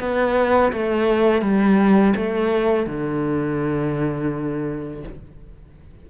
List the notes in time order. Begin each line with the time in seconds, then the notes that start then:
0.00 B3
0.73 A3
1.42 G3
2.16 A3
2.87 D3